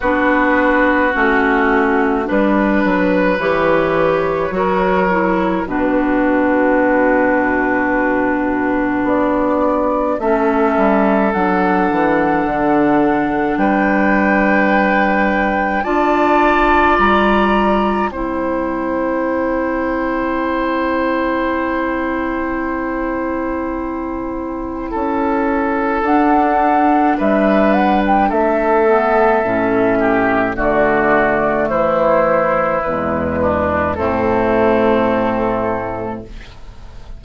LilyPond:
<<
  \new Staff \with { instrumentName = "flute" } { \time 4/4 \tempo 4 = 53 b'4 fis'4 b'4 cis''4~ | cis''4 b'2. | d''4 e''4 fis''2 | g''2 a''4 ais''4 |
g''1~ | g''2. fis''4 | e''8 fis''16 g''16 e''2 d''4 | c''4 b'4 a'2 | }
  \new Staff \with { instrumentName = "oboe" } { \time 4/4 fis'2 b'2 | ais'4 fis'2.~ | fis'4 a'2. | b'2 d''2 |
c''1~ | c''2 a'2 | b'4 a'4. g'8 fis'4 | e'4. d'8 c'2 | }
  \new Staff \with { instrumentName = "clarinet" } { \time 4/4 d'4 cis'4 d'4 g'4 | fis'8 e'8 d'2.~ | d'4 cis'4 d'2~ | d'2 f'2 |
e'1~ | e'2. d'4~ | d'4. b8 cis'4 a4~ | a4 gis4 a2 | }
  \new Staff \with { instrumentName = "bassoon" } { \time 4/4 b4 a4 g8 fis8 e4 | fis4 b,2. | b4 a8 g8 fis8 e8 d4 | g2 d'4 g4 |
c'1~ | c'2 cis'4 d'4 | g4 a4 a,4 d4 | e4 e,4 a,2 | }
>>